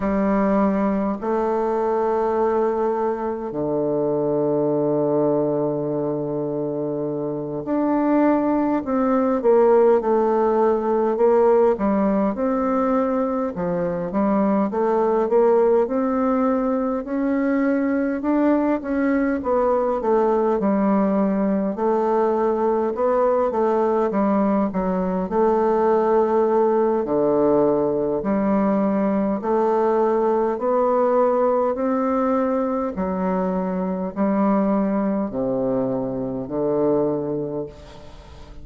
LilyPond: \new Staff \with { instrumentName = "bassoon" } { \time 4/4 \tempo 4 = 51 g4 a2 d4~ | d2~ d8 d'4 c'8 | ais8 a4 ais8 g8 c'4 f8 | g8 a8 ais8 c'4 cis'4 d'8 |
cis'8 b8 a8 g4 a4 b8 | a8 g8 fis8 a4. d4 | g4 a4 b4 c'4 | fis4 g4 c4 d4 | }